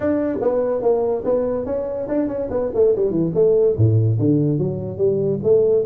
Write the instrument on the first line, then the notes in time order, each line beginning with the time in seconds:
tuba
0.00 D4
0.41 B3
0.81 A#3
1.24 B3
1.65 C#4
2.08 D4
2.27 C#4
2.50 B3
2.74 A3
2.95 G3
3.10 E3
3.34 A3
3.76 A2
4.18 D3
4.58 F#3
4.97 G3
5.43 A3